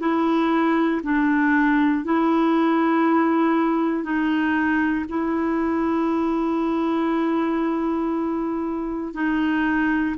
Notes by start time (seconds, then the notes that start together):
0.00 E4
1.04 D4
2.05 E4
4.04 D#4
5.09 E4
9.14 D#4